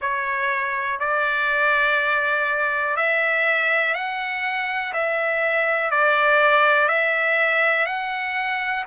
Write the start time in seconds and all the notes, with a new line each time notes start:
0.01 C#5
0.99 D5
2.96 E5
3.94 F#5
4.93 E5
5.90 D5
6.88 E5
7.86 F#5